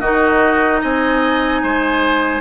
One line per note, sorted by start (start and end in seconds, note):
0.00 0.81 D#3
0.00 2.41 D#4
0.00 0.80 F#4
0.00 0.80 D#5
0.82 1.63 C4
0.82 1.62 D#5
0.82 2.41 G#5
1.62 2.41 G#3
1.62 2.41 C5